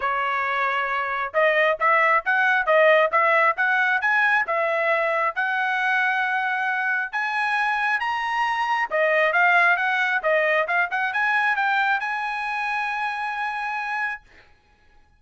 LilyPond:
\new Staff \with { instrumentName = "trumpet" } { \time 4/4 \tempo 4 = 135 cis''2. dis''4 | e''4 fis''4 dis''4 e''4 | fis''4 gis''4 e''2 | fis''1 |
gis''2 ais''2 | dis''4 f''4 fis''4 dis''4 | f''8 fis''8 gis''4 g''4 gis''4~ | gis''1 | }